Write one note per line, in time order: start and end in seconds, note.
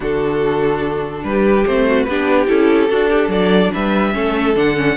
0.00 1.23 D3
0.00 1.66 D4
0.00 1.23 F#4
0.00 1.24 A4
1.23 1.64 G3
1.23 1.65 B4
1.29 1.87 G4
1.65 2.07 A3
1.65 2.09 C4
1.65 2.03 C5
1.87 2.08 F#4
2.03 2.48 B3
2.03 2.47 D4
2.03 2.90 G4
2.03 2.45 B4
2.47 2.90 C#4
2.47 2.88 E4
2.47 3.31 A4
2.89 4.12 D4
2.89 3.28 D4
2.89 3.08 F#4
3.08 3.29 G4
3.28 3.69 F#3
3.28 3.71 A4
3.28 3.72 D5
3.73 4.14 G3
3.73 4.14 B4
3.73 4.56 E5
4.12 4.56 A3
4.12 4.54 C#4
4.12 4.96 A4
4.55 4.96 D3
4.55 4.76 D4
4.55 4.96 F#5
4.76 4.96 C#4